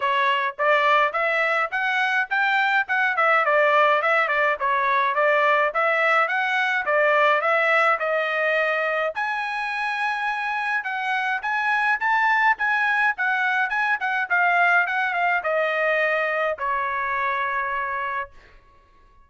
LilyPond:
\new Staff \with { instrumentName = "trumpet" } { \time 4/4 \tempo 4 = 105 cis''4 d''4 e''4 fis''4 | g''4 fis''8 e''8 d''4 e''8 d''8 | cis''4 d''4 e''4 fis''4 | d''4 e''4 dis''2 |
gis''2. fis''4 | gis''4 a''4 gis''4 fis''4 | gis''8 fis''8 f''4 fis''8 f''8 dis''4~ | dis''4 cis''2. | }